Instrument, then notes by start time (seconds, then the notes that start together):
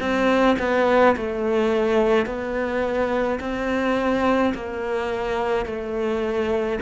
cello
0.00 C4
0.59 B3
1.16 A3
2.26 B3
3.40 C4
4.54 A#3
5.66 A3